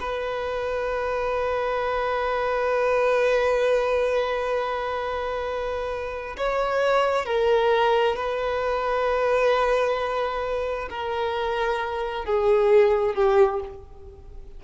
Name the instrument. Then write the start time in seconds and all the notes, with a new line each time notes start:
violin
0.00 B4
6.37 C#5
7.26 A#4
8.16 B4
10.90 A#4
12.25 G#4
13.15 G4